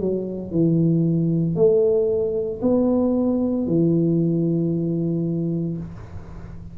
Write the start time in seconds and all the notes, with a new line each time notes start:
0.00 F#3
0.52 E3
1.56 A3
2.62 B3
3.67 E3